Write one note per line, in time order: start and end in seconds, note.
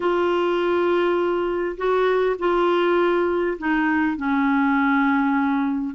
0.00 1.76 F4
1.77 2.36 F#4
2.38 3.57 F4
3.58 4.17 D#4
4.17 5.95 C#4